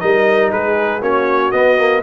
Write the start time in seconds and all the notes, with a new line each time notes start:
0.00 G3 D#4 A#4 D#5
0.51 G#3 G#4 B4
1.01 A#3 C#4 F#4 C#5
1.51 B3 D#5
1.77 A#3